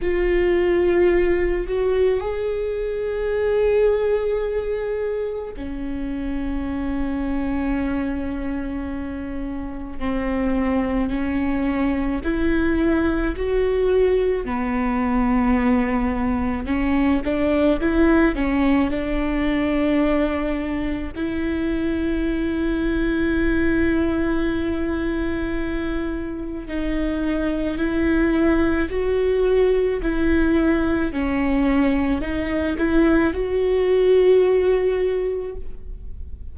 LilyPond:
\new Staff \with { instrumentName = "viola" } { \time 4/4 \tempo 4 = 54 f'4. fis'8 gis'2~ | gis'4 cis'2.~ | cis'4 c'4 cis'4 e'4 | fis'4 b2 cis'8 d'8 |
e'8 cis'8 d'2 e'4~ | e'1 | dis'4 e'4 fis'4 e'4 | cis'4 dis'8 e'8 fis'2 | }